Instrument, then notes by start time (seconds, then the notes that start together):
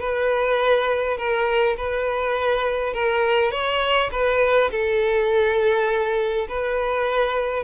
violin
0.00 B4
1.18 A#4
1.77 B4
2.94 A#4
3.52 C#5
4.12 B4
4.71 A4
6.49 B4